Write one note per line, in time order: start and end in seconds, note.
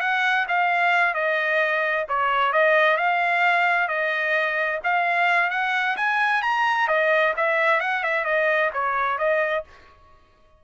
0.00 0.46 F#5
0.48 1.14 F5
1.14 2.05 D#5
2.08 2.52 C#5
2.52 2.96 D#5
2.96 3.88 F5
3.88 4.79 D#5
4.84 5.50 F5
5.50 5.96 F#5
5.96 6.42 G#5
6.42 6.87 A#5
6.87 7.33 D#5
7.36 7.80 E5
7.80 8.03 F#5
8.03 8.24 E5
8.24 8.70 D#5
8.73 9.18 C#5
9.18 9.64 D#5